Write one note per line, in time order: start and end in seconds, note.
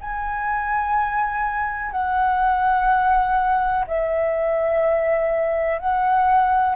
0.00 1.92 G#5
1.92 3.85 F#5
3.87 5.78 E5
5.78 6.75 F#5